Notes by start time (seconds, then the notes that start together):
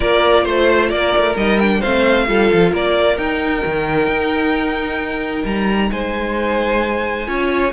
0.00 A#3 F4 A#4 D5
0.43 A3 C5
0.89 A#3 A#4 D5
1.18 A3
1.36 G3 D#4 D#5
1.59 D4 G5
1.80 A3 C4 C5 F5
2.27 G3 F4 A4
2.52 F3
2.71 A#3 A#4 D5
3.17 D#4 G5
3.65 D#3
4.07 D#4
5.44 G3 A#5
5.91 G#3 C5 G#5
7.26 C#4 F4 C#5